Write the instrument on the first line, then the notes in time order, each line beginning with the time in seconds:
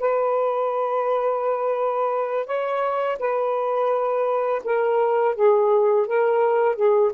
saxophone
0.00 B4
2.46 C#5
3.19 B4
4.65 A#4
5.36 G#4
6.07 A#4
6.76 G#4